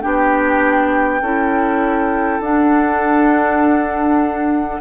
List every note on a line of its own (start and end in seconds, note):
0.00 1.21 B3
0.00 1.20 D4
0.00 1.21 G4
0.00 2.41 G5
1.21 2.40 C#4
1.21 2.43 E4
1.21 4.81 A4
2.40 4.80 D4
2.40 4.81 D4
2.40 4.81 F#5